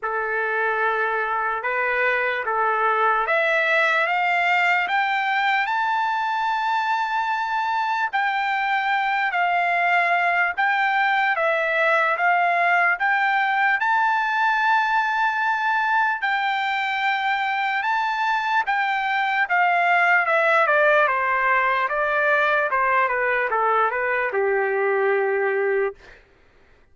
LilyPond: \new Staff \with { instrumentName = "trumpet" } { \time 4/4 \tempo 4 = 74 a'2 b'4 a'4 | e''4 f''4 g''4 a''4~ | a''2 g''4. f''8~ | f''4 g''4 e''4 f''4 |
g''4 a''2. | g''2 a''4 g''4 | f''4 e''8 d''8 c''4 d''4 | c''8 b'8 a'8 b'8 g'2 | }